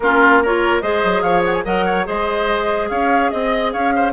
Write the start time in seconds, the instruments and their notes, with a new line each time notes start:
0.00 bassoon A#3, clarinet C#4, oboe F4, flute A#4
0.42 clarinet F4, oboe A#4, flute C#5
0.81 bassoon G#3, clarinet G#4, oboe C5, flute D#5
1.04 bassoon F#3
1.21 bassoon F3, oboe C#5, flute F5
1.45 flute F#5
1.53 flute G#5
1.64 bassoon F#3, clarinet A#4, oboe D#5, flute F#5
1.85 oboe C#5
2.05 bassoon G#3, clarinet G#4, oboe C5, flute D#5
2.89 bassoon C#4, oboe C#5, flute F5
3.30 bassoon C4, flute D#5, oboe D#5
3.72 bassoon C#4, oboe C#5, flute F5
3.95 oboe C5